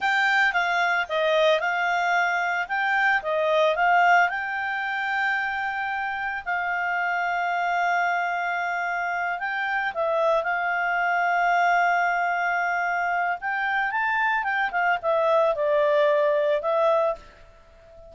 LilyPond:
\new Staff \with { instrumentName = "clarinet" } { \time 4/4 \tempo 4 = 112 g''4 f''4 dis''4 f''4~ | f''4 g''4 dis''4 f''4 | g''1 | f''1~ |
f''4. g''4 e''4 f''8~ | f''1~ | f''4 g''4 a''4 g''8 f''8 | e''4 d''2 e''4 | }